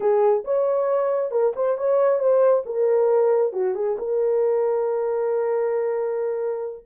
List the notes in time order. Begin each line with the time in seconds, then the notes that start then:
0.00 G#4
0.44 C#5
1.31 A#4
1.55 C5
1.77 C#5
2.19 C5
2.65 A#4
3.52 F#4
3.74 G#4
3.98 A#4